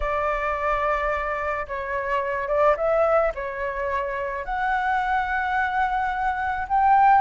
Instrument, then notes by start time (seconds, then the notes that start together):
flute
0.00 D5
1.67 C#5
2.47 D5
2.77 E5
3.34 C#5
4.44 F#5
6.68 G5